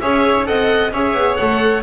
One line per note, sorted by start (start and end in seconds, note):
0.00 0.47 C#4
0.00 0.45 G#4
0.00 0.47 C#5
0.00 0.46 E5
0.45 0.92 C4
0.45 0.90 A4
0.45 0.93 D#5
0.45 0.92 F#5
0.92 1.14 C#4
0.92 1.39 G#4
0.92 1.83 C#5
0.92 1.36 E5
1.14 1.37 B3
1.36 1.83 A3
1.36 1.83 A4
1.36 1.82 F#5